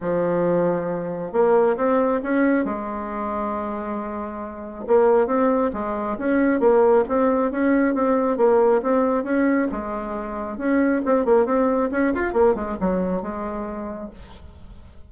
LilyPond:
\new Staff \with { instrumentName = "bassoon" } { \time 4/4 \tempo 4 = 136 f2. ais4 | c'4 cis'4 gis2~ | gis2. ais4 | c'4 gis4 cis'4 ais4 |
c'4 cis'4 c'4 ais4 | c'4 cis'4 gis2 | cis'4 c'8 ais8 c'4 cis'8 f'8 | ais8 gis8 fis4 gis2 | }